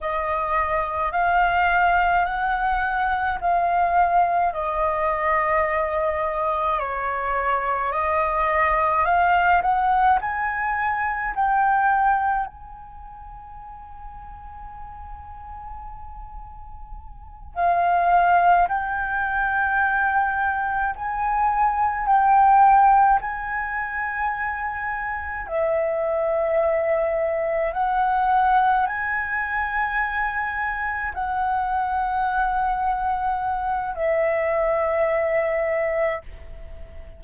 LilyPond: \new Staff \with { instrumentName = "flute" } { \time 4/4 \tempo 4 = 53 dis''4 f''4 fis''4 f''4 | dis''2 cis''4 dis''4 | f''8 fis''8 gis''4 g''4 gis''4~ | gis''2.~ gis''8 f''8~ |
f''8 g''2 gis''4 g''8~ | g''8 gis''2 e''4.~ | e''8 fis''4 gis''2 fis''8~ | fis''2 e''2 | }